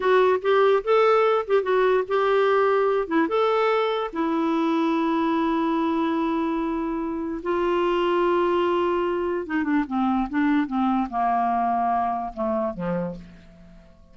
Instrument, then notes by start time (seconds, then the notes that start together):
clarinet
0.00 F#4
0.42 G4
0.83 A4
1.47 G4
1.62 F#4
2.08 G4
3.07 E4
3.28 A4
4.12 E4
7.42 F4
9.46 D#4
9.63 D4
9.87 C4
10.29 D4
10.66 C4
11.09 A#3
12.33 A3
12.74 F3